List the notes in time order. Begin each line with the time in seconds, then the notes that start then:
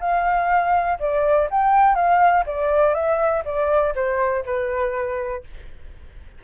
0.00 F5
0.99 D5
1.50 G5
1.94 F5
2.46 D5
2.94 E5
3.44 D5
3.95 C5
4.45 B4